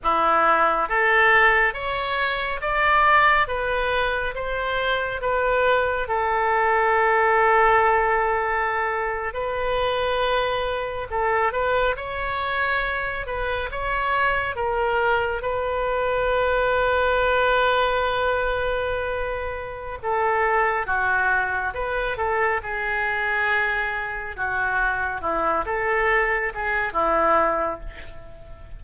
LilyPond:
\new Staff \with { instrumentName = "oboe" } { \time 4/4 \tempo 4 = 69 e'4 a'4 cis''4 d''4 | b'4 c''4 b'4 a'4~ | a'2~ a'8. b'4~ b'16~ | b'8. a'8 b'8 cis''4. b'8 cis''16~ |
cis''8. ais'4 b'2~ b'16~ | b'2. a'4 | fis'4 b'8 a'8 gis'2 | fis'4 e'8 a'4 gis'8 e'4 | }